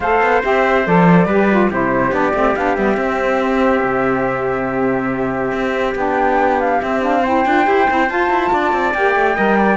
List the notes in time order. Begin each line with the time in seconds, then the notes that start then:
0.00 A3 A4 C5 F5
0.21 B3
0.42 C4 G4 E5
0.86 F3 A4 D5
1.26 G3 G4 B4
1.50 F4
1.70 C3 E4 G4 C5
2.11 B3 D4 D5
2.33 A3 C4
2.55 B3 D4 F5
2.76 G3 B3 E5
2.97 C4
3.83 C3
5.52 C4
5.95 B3 D4 G5
6.60 F5
6.80 C4 E5
7.01 D4 F5
7.22 E4 C5 G5
7.45 D4 F4
7.64 E4 G4
7.87 C4 E4
8.07 F4 A5
8.30 E4
8.52 D4 D5
8.72 C4
8.93 A#3 G4 G5
9.15 A3
9.35 G3 A#4 D#5
9.57 D5